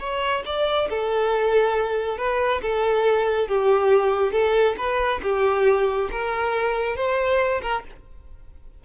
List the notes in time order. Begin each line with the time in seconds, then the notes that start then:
0.00 C#5
0.46 D5
0.90 A4
2.18 B4
2.62 A4
3.48 G4
4.32 A4
4.78 B4
5.23 G4
6.11 A#4
6.96 C5
7.62 A#4